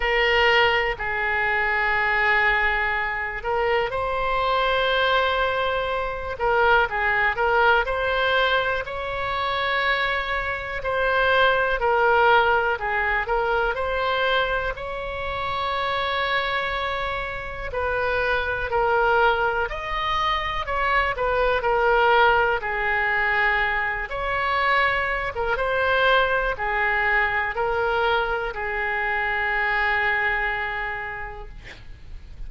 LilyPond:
\new Staff \with { instrumentName = "oboe" } { \time 4/4 \tempo 4 = 61 ais'4 gis'2~ gis'8 ais'8 | c''2~ c''8 ais'8 gis'8 ais'8 | c''4 cis''2 c''4 | ais'4 gis'8 ais'8 c''4 cis''4~ |
cis''2 b'4 ais'4 | dis''4 cis''8 b'8 ais'4 gis'4~ | gis'8 cis''4~ cis''16 ais'16 c''4 gis'4 | ais'4 gis'2. | }